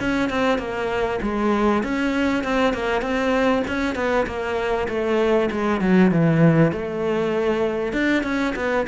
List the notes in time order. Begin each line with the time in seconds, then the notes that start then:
0.00 C#4
0.29 C4
0.58 A#3
1.22 G#3
1.83 C#4
2.44 C4
2.74 A#3
3.02 C4
3.68 C#4
3.95 B3
4.27 A#3
4.88 A3
5.51 G#3
5.81 F#3
6.11 E3
6.72 A3
7.93 D4
8.23 C#4
8.56 B3